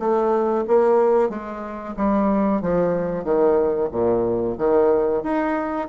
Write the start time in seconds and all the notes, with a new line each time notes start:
0.00 A3
0.68 A#3
1.30 G#3
1.97 G3
2.62 F3
3.25 D#3
3.92 A#2
4.58 D#3
5.24 D#4